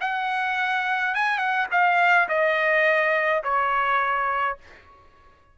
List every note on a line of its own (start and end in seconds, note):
0.00 1.14 F#5
1.14 1.38 G#5
1.38 1.66 F#5
1.71 2.28 F5
2.28 3.43 D#5
3.43 4.57 C#5